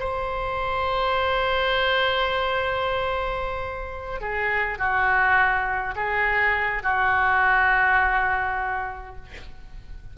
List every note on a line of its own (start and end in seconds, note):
0.00 4.21 C5
4.21 4.79 G#4
4.79 5.95 F#4
5.96 6.83 G#4
6.83 9.16 F#4